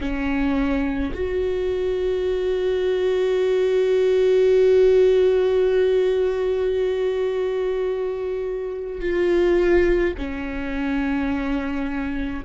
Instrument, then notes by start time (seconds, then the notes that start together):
viola
0.00 C#4
1.14 F#4
9.01 F4
10.18 C#4